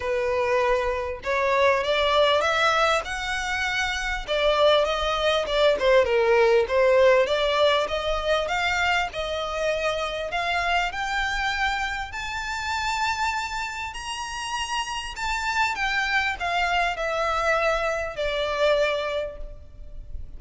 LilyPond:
\new Staff \with { instrumentName = "violin" } { \time 4/4 \tempo 4 = 99 b'2 cis''4 d''4 | e''4 fis''2 d''4 | dis''4 d''8 c''8 ais'4 c''4 | d''4 dis''4 f''4 dis''4~ |
dis''4 f''4 g''2 | a''2. ais''4~ | ais''4 a''4 g''4 f''4 | e''2 d''2 | }